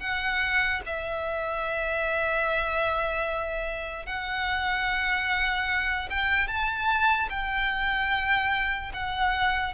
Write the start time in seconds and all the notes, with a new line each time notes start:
0.00 F#5
0.86 E5
4.06 F#5
6.10 G5
6.48 A5
7.30 G5
8.93 F#5